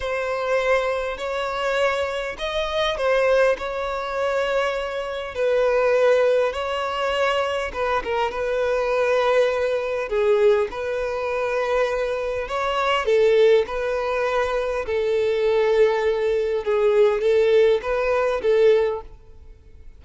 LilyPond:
\new Staff \with { instrumentName = "violin" } { \time 4/4 \tempo 4 = 101 c''2 cis''2 | dis''4 c''4 cis''2~ | cis''4 b'2 cis''4~ | cis''4 b'8 ais'8 b'2~ |
b'4 gis'4 b'2~ | b'4 cis''4 a'4 b'4~ | b'4 a'2. | gis'4 a'4 b'4 a'4 | }